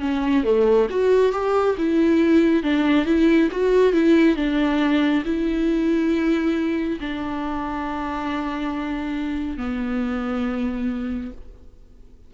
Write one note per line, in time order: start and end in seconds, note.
0.00 0.43 C#4
0.44 0.87 A3
0.90 1.32 F#4
1.32 1.75 G4
1.78 2.63 E4
2.63 3.06 D4
3.06 3.49 E4
3.51 3.93 F#4
3.93 4.36 E4
4.36 5.23 D4
5.25 6.99 E4
7.00 9.58 D4
9.58 11.32 B3